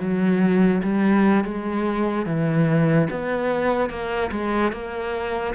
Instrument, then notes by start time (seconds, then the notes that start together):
cello
0.00 F#3
0.84 G3
1.45 G#3
2.26 E3
3.10 B3
3.90 A#3
4.32 G#3
4.73 A#3